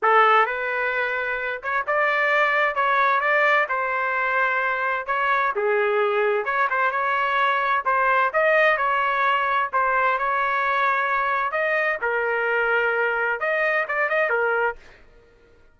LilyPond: \new Staff \with { instrumentName = "trumpet" } { \time 4/4 \tempo 4 = 130 a'4 b'2~ b'8 cis''8 | d''2 cis''4 d''4 | c''2. cis''4 | gis'2 cis''8 c''8 cis''4~ |
cis''4 c''4 dis''4 cis''4~ | cis''4 c''4 cis''2~ | cis''4 dis''4 ais'2~ | ais'4 dis''4 d''8 dis''8 ais'4 | }